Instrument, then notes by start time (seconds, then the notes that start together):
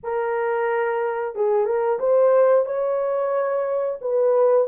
horn
0.03 A#4
1.35 G#4
1.65 A#4
1.99 C5
2.65 C#5
4.01 B4